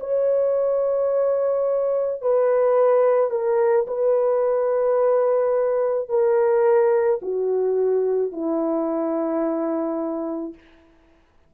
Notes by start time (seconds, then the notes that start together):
0.00 C#5
2.22 B4
3.31 A#4
3.87 B4
6.09 A#4
7.22 F#4
8.32 E4